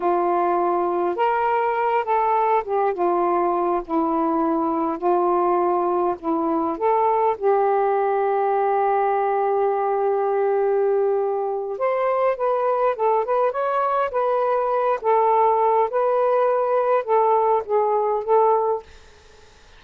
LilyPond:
\new Staff \with { instrumentName = "saxophone" } { \time 4/4 \tempo 4 = 102 f'2 ais'4. a'8~ | a'8 g'8 f'4. e'4.~ | e'8 f'2 e'4 a'8~ | a'8 g'2.~ g'8~ |
g'1 | c''4 b'4 a'8 b'8 cis''4 | b'4. a'4. b'4~ | b'4 a'4 gis'4 a'4 | }